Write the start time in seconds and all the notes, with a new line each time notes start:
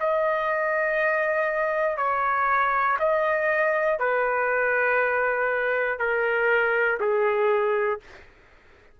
0.00 D#5
1.97 C#5
2.99 D#5
3.99 B4
5.99 A#4
7.00 G#4